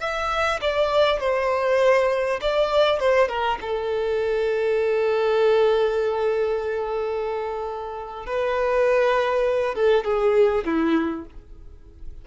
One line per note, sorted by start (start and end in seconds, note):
0.00 0.60 E5
0.61 1.20 D5
1.20 2.40 C5
2.41 3.00 D5
3.00 3.29 C5
3.29 3.59 A#4
3.61 8.26 A4
8.26 9.75 B4
9.75 10.04 A4
10.04 10.64 G#4
10.65 11.25 E4